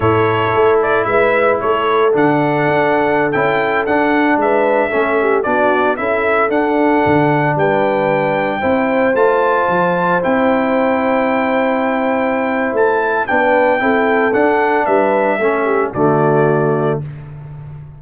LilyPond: <<
  \new Staff \with { instrumentName = "trumpet" } { \time 4/4 \tempo 4 = 113 cis''4. d''8 e''4 cis''4 | fis''2~ fis''16 g''4 fis''8.~ | fis''16 e''2 d''4 e''8.~ | e''16 fis''2 g''4.~ g''16~ |
g''4~ g''16 a''2 g''8.~ | g''1 | a''4 g''2 fis''4 | e''2 d''2 | }
  \new Staff \with { instrumentName = "horn" } { \time 4/4 a'2 b'4 a'4~ | a'1~ | a'16 b'4 a'8 g'8 fis'4 a'8.~ | a'2~ a'16 b'4.~ b'16~ |
b'16 c''2.~ c''8.~ | c''1~ | c''4 b'4 a'2 | b'4 a'8 g'8 fis'2 | }
  \new Staff \with { instrumentName = "trombone" } { \time 4/4 e'1 | d'2~ d'16 e'4 d'8.~ | d'4~ d'16 cis'4 d'4 e'8.~ | e'16 d'2.~ d'8.~ |
d'16 e'4 f'2 e'8.~ | e'1~ | e'4 d'4 e'4 d'4~ | d'4 cis'4 a2 | }
  \new Staff \with { instrumentName = "tuba" } { \time 4/4 a,4 a4 gis4 a4 | d4 d'4~ d'16 cis'4 d'8.~ | d'16 gis4 a4 b4 cis'8.~ | cis'16 d'4 d4 g4.~ g16~ |
g16 c'4 a4 f4 c'8.~ | c'1 | a4 b4 c'4 d'4 | g4 a4 d2 | }
>>